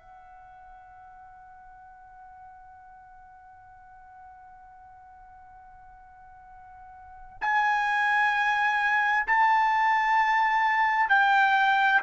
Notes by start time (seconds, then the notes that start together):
0.00 F#5
7.42 G#5
9.27 A5
11.09 G5